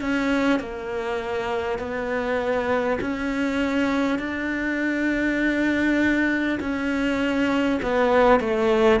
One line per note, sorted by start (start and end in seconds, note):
0.00 0.59 C#4
0.59 1.78 A#3
1.78 2.98 B3
3.00 4.18 C#4
4.18 6.58 D4
6.59 7.79 C#4
7.82 8.40 B3
8.40 9.00 A3